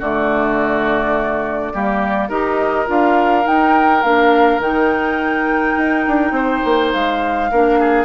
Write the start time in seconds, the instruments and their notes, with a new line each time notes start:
0.00 bassoon D3, clarinet A3, oboe F#4, flute D5
1.74 bassoon G3, clarinet A#3, oboe G4
2.29 bassoon D#4, clarinet G4, oboe A#4, flute D#5
2.87 bassoon D4, clarinet F4, flute F5
3.44 clarinet D#4, bassoon D#4, flute G5
4.03 bassoon A#3, clarinet D4, flute F5
4.59 bassoon D#3, clarinet D#4, flute G5
5.78 bassoon D#4
6.07 bassoon D4
6.31 bassoon C4, oboe C5
6.65 bassoon A#3
6.93 bassoon G#3, flute F5
7.52 bassoon A#3, clarinet D4, oboe A#4
7.80 oboe G#4